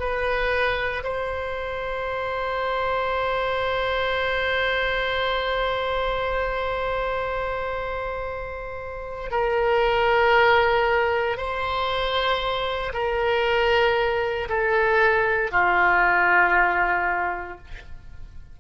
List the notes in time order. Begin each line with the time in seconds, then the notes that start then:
0.00 B4
1.04 C5
9.32 A#4
11.37 C5
12.94 A#4
14.49 A4
15.52 F4